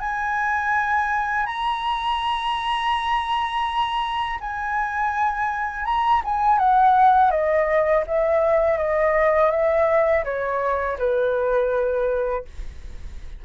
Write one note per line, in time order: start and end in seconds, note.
0.00 1.46 G#5
1.46 4.39 A#5
4.40 5.85 G#5
5.85 6.22 A#5
6.25 6.59 G#5
6.59 7.31 F#5
7.31 8.04 D#5
8.07 8.78 E5
8.78 9.51 D#5
9.51 10.24 E5
10.24 10.98 C#5
10.99 12.45 B4